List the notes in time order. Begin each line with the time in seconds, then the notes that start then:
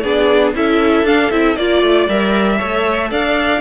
0.00 B3 D4 G#4 D5
0.55 C#4 E4 A4 E5
1.04 D4 F5
1.31 C4 E4 E5
1.57 A#3 F4 D5
1.82 A3
2.09 G3 A#4 E5
2.58 A3 A4 C#5
3.11 D4 D5 F5